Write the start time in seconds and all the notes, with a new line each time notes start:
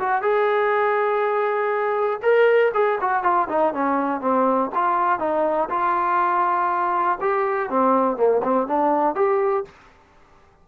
0.00 F#4
0.23 G#4
2.23 A#4
2.75 G#4
3.01 F#4
3.23 F4
3.49 D#4
3.74 C#4
4.21 C4
4.75 F4
5.20 D#4
5.70 F4
7.21 G4
7.70 C4
8.17 A#3
8.44 C4
8.68 D4
9.16 G4